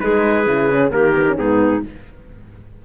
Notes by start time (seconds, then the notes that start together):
0.00 G#3 D#4 G#4 B4
0.47 C#3 E4
0.70 C#4
0.91 D#3 A#3 G4 A#4
1.15 B3
1.27 C#4
1.36 G#2 B3 D#4 G#4